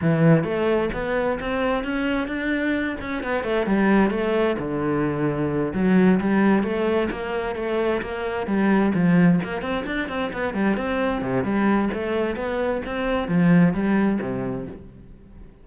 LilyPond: \new Staff \with { instrumentName = "cello" } { \time 4/4 \tempo 4 = 131 e4 a4 b4 c'4 | cis'4 d'4. cis'8 b8 a8 | g4 a4 d2~ | d8 fis4 g4 a4 ais8~ |
ais8 a4 ais4 g4 f8~ | f8 ais8 c'8 d'8 c'8 b8 g8 c'8~ | c'8 c8 g4 a4 b4 | c'4 f4 g4 c4 | }